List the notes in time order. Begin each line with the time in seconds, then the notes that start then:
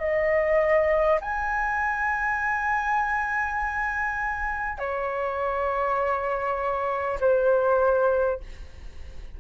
0.00 D#5
1.21 G#5
4.79 C#5
7.20 C5